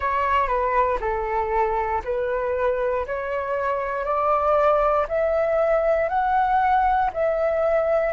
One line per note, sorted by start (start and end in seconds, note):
0.00 0.47 C#5
0.47 0.98 B4
1.00 2.02 A4
2.04 3.06 B4
3.06 4.04 C#5
4.04 5.06 D5
5.08 6.08 E5
6.08 7.10 F#5
7.13 8.13 E5